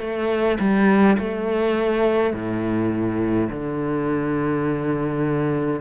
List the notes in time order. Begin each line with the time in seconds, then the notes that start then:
0.00 A3
0.59 G3
1.19 A3
2.33 A2
3.49 D3